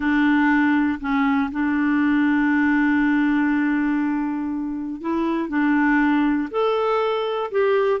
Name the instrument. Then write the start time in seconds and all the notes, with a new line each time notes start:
clarinet
0.00 D4
1.00 C#4
1.51 D4
5.01 E4
5.48 D4
6.50 A4
7.51 G4